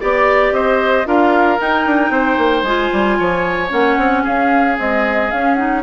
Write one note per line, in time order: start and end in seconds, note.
0.00 0.52 B3
0.00 1.05 G4
0.00 0.53 D5
0.00 0.54 D5
0.52 1.05 C4
0.52 1.08 C5
0.52 1.07 D#5
1.05 1.59 D4
1.05 1.59 F4
1.05 2.12 A#4
1.05 1.60 F5
1.59 2.65 D#4
1.59 1.86 D#4
1.59 2.63 G5
1.86 2.10 D4
2.10 2.37 C4
2.10 3.18 C5
2.38 2.63 A#3
2.63 2.89 G#3
2.63 3.69 F4
2.63 3.70 G#5
2.93 3.19 G3
3.19 3.72 F3
3.19 4.23 C#5
3.69 3.98 A#3
3.69 4.75 C#4
3.69 4.25 F#5
3.98 4.24 C4
4.23 4.78 C#4
4.23 5.83 G#4
4.23 4.78 F5
4.78 5.31 G#3
4.78 5.31 C4
4.78 5.31 D#5
5.31 5.83 C#4
5.31 5.57 C#4
5.31 5.54 F5
5.54 5.83 D#4
5.54 5.81 F#5